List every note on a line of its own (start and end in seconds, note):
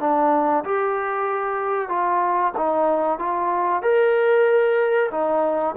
0.00 0.64 D4
0.64 1.89 G4
1.89 2.52 F4
2.57 3.19 D#4
3.19 3.82 F4
3.82 5.10 A#4
5.11 5.75 D#4